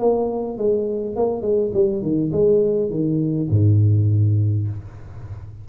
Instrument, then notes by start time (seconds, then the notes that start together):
tuba
0.00 A#3
0.58 G#3
1.16 A#3
1.42 G#3
1.74 G3
2.02 D#3
2.33 G#3
2.91 D#3
3.51 G#2